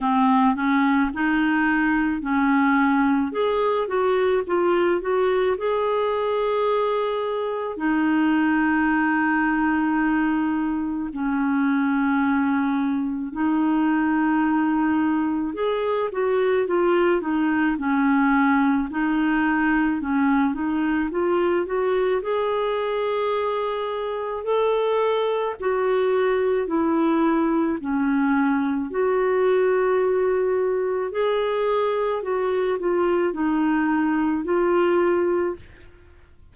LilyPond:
\new Staff \with { instrumentName = "clarinet" } { \time 4/4 \tempo 4 = 54 c'8 cis'8 dis'4 cis'4 gis'8 fis'8 | f'8 fis'8 gis'2 dis'4~ | dis'2 cis'2 | dis'2 gis'8 fis'8 f'8 dis'8 |
cis'4 dis'4 cis'8 dis'8 f'8 fis'8 | gis'2 a'4 fis'4 | e'4 cis'4 fis'2 | gis'4 fis'8 f'8 dis'4 f'4 | }